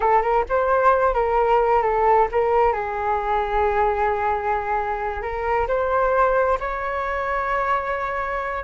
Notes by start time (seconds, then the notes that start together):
0.00 A4
0.21 A#4
0.49 C5
1.14 A#4
1.82 A4
2.31 A#4
2.73 G#4
5.21 A#4
5.67 C5
6.60 C#5